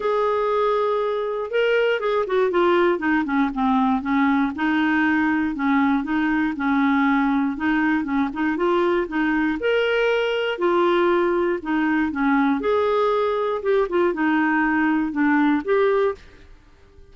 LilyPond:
\new Staff \with { instrumentName = "clarinet" } { \time 4/4 \tempo 4 = 119 gis'2. ais'4 | gis'8 fis'8 f'4 dis'8 cis'8 c'4 | cis'4 dis'2 cis'4 | dis'4 cis'2 dis'4 |
cis'8 dis'8 f'4 dis'4 ais'4~ | ais'4 f'2 dis'4 | cis'4 gis'2 g'8 f'8 | dis'2 d'4 g'4 | }